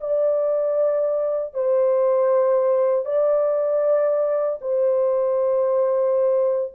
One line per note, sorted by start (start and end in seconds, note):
0.00 1.53 D5
1.53 3.05 C5
3.05 4.59 D5
4.61 6.72 C5